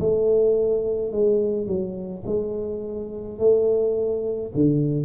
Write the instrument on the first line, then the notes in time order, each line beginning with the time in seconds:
tuba
0.00 A3
1.12 G#3
1.67 F#3
2.26 G#3
3.39 A3
4.55 D3